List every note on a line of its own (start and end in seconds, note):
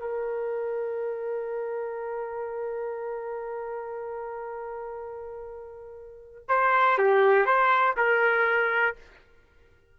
0.00 6.45 A#4
6.48 6.98 C5
6.98 7.46 G4
7.46 7.95 C5
7.97 8.96 A#4